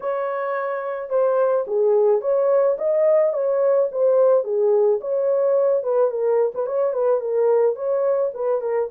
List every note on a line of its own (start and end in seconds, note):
0.00 1.09 C#5
1.09 1.65 C5
1.67 2.21 G#4
2.21 2.76 C#5
2.78 3.33 D#5
3.33 3.89 C#5
3.91 4.44 C5
4.44 4.99 G#4
5.01 5.83 C#5
5.83 6.11 B4
6.11 6.52 A#4
6.54 6.66 B4
6.66 6.93 C#5
6.93 7.20 B4
7.20 7.75 A#4
7.75 8.31 C#5
8.33 8.61 B4
8.61 8.89 A#4